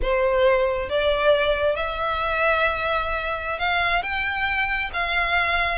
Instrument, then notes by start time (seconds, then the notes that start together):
violin
0.02 C5
0.89 D5
1.75 E5
3.59 F5
4.02 G5
4.93 F5